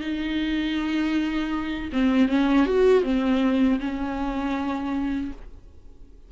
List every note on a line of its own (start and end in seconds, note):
0.00 1.90 D#4
1.92 2.28 C4
2.28 2.66 C#4
2.66 3.03 F#4
3.03 3.79 C4
3.79 5.31 C#4